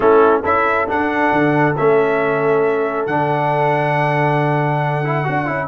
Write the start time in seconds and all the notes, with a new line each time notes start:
0.00 A3 C#4 E4 A4
0.42 C#4 E4 A4 E5
0.87 D4 F#5
1.31 D3
1.76 A3 C#4 E5
3.06 D3 D4 F#5
5.04 E4
5.24 D4 F#4
5.46 C#4 E4